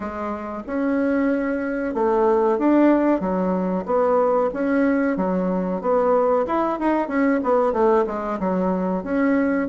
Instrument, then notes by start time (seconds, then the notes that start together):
bassoon
0.00 G#3
0.66 C#4
1.94 A3
2.58 D4
3.20 F#3
3.85 B3
4.53 C#4
5.16 F#3
5.81 B3
6.46 E4
6.79 D#4
7.08 C#4
7.43 B3
7.72 A3
8.06 G#3
8.39 F#3
9.03 C#4